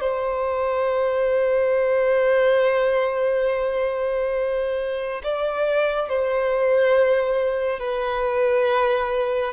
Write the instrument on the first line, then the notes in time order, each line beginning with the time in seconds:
violin
0.00 C5
5.23 D5
6.09 C5
7.79 B4